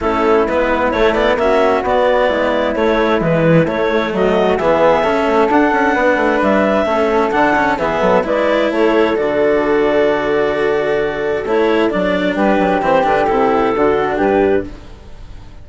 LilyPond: <<
  \new Staff \with { instrumentName = "clarinet" } { \time 4/4 \tempo 4 = 131 a'4 b'4 cis''8 d''8 e''4 | d''2 cis''4 b'4 | cis''4 dis''4 e''2 | fis''2 e''2 |
fis''4 e''4 d''4 cis''4 | d''1~ | d''4 cis''4 d''4 b'4 | c''8 b'8 a'2 b'4 | }
  \new Staff \with { instrumentName = "flute" } { \time 4/4 e'2. fis'4~ | fis'4 e'2.~ | e'4 fis'4 gis'4 a'4~ | a'4 b'2 a'4~ |
a'4 gis'8 a'8 b'4 a'4~ | a'1~ | a'2. g'4~ | g'2 fis'4 g'4 | }
  \new Staff \with { instrumentName = "cello" } { \time 4/4 cis'4 b4 a8 b8 cis'4 | b2 a4 e4 | a2 b4 cis'4 | d'2. cis'4 |
d'8 cis'8 b4 e'2 | fis'1~ | fis'4 e'4 d'2 | c'8 d'8 e'4 d'2 | }
  \new Staff \with { instrumentName = "bassoon" } { \time 4/4 a4 gis4 a4 ais4 | b4 gis4 a4 gis4 | a4 fis4 e4 cis8 a8 | d'8 cis'8 b8 a8 g4 a4 |
d4 e8 fis8 gis4 a4 | d1~ | d4 a4 fis4 g8 fis8 | e8 d8 c4 d4 g,4 | }
>>